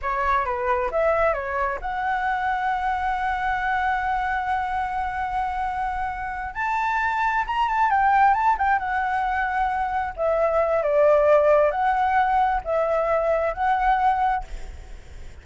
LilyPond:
\new Staff \with { instrumentName = "flute" } { \time 4/4 \tempo 4 = 133 cis''4 b'4 e''4 cis''4 | fis''1~ | fis''1~ | fis''2~ fis''8 a''4.~ |
a''8 ais''8 a''8 g''4 a''8 g''8 fis''8~ | fis''2~ fis''8 e''4. | d''2 fis''2 | e''2 fis''2 | }